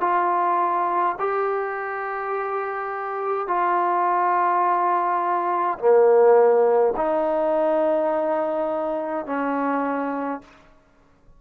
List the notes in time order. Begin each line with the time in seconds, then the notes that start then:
0.00 F4
1.19 G4
3.48 F4
5.78 A#3
6.97 D#4
9.26 C#4